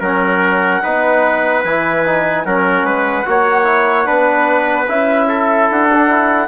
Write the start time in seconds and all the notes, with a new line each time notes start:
0.00 F#3 C#4 A#4 F#5
0.82 B3 D#4 B4
1.64 E3 E4 G#5
2.05 D#4
2.44 F#3 C#4 A#4 F#5
2.83 G#3 B4
3.25 A#3 F#4 C#5
3.64 E4
4.04 B3 D4 B4
4.88 C#4 E4 E5
5.28 A4
5.70 D4 F#5
5.93 D4
6.08 E4